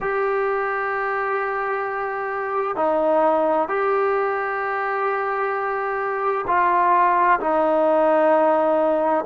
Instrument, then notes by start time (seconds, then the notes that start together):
trombone
0.00 G4
2.76 D#4
3.68 G4
6.47 F4
7.40 D#4